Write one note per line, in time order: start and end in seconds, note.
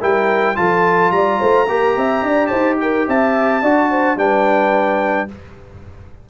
0.00 0.58 G3
0.00 0.56 E4
0.00 0.56 A#4
0.00 0.57 G5
0.56 1.11 F3
0.56 1.67 F4
0.56 1.14 A4
0.56 1.12 A5
1.11 1.39 G3
1.11 1.40 D5
1.11 2.47 A#5
1.40 1.69 A3
1.40 1.68 C5
1.69 1.97 A#3
1.69 3.63 G4
1.69 1.98 A#4
1.97 2.23 C4
1.97 2.25 E5
2.23 2.50 D4
2.23 2.49 D5
2.47 3.08 D#4
2.47 2.77 C5
2.47 2.75 A5
2.80 3.08 A#4
2.80 3.08 G5
3.08 3.63 C4
3.08 3.62 E5
3.08 4.19 A5
3.62 4.17 D4
3.62 4.18 F#4
3.62 3.90 D5
3.90 4.18 C5
4.17 5.28 G3
4.17 5.29 D4
4.17 5.30 B4
4.17 5.30 G5